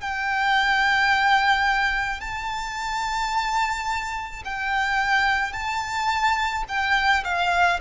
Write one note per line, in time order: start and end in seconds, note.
0.00 2.20 G5
2.20 4.42 A5
4.44 5.53 G5
5.53 6.64 A5
6.68 7.23 G5
7.24 7.79 F5